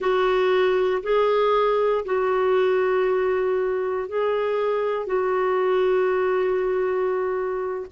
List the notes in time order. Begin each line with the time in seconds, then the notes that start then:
0.00 F#4
1.03 G#4
2.05 F#4
4.08 G#4
5.06 F#4